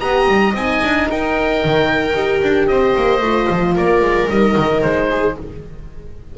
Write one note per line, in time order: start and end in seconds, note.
0.00 0.27 B3
0.00 0.54 G4
0.00 1.07 D#5
0.00 0.54 A#5
0.27 0.54 G3
0.54 0.80 C4
0.54 2.14 D#4
0.54 1.09 G#5
0.83 1.10 D4
1.10 1.63 D#4
1.10 2.70 A#4
1.10 2.67 G5
1.64 2.14 D#3
2.14 2.40 D#4
2.14 3.21 G4
2.42 2.68 D4
2.67 2.95 C4
2.67 3.75 C5
2.67 3.74 D#5
2.96 3.21 A#3
3.21 3.47 A3
3.21 4.29 F4
3.50 3.77 F3
3.75 4.01 A#3
3.75 5.09 A#4
3.75 4.29 D5
4.01 4.28 G#3
4.29 4.56 G3
4.29 5.37 D#4
4.29 4.81 D#5
4.57 4.83 D#3
4.81 5.37 G#3
4.81 5.35 C5
5.10 5.36 G#4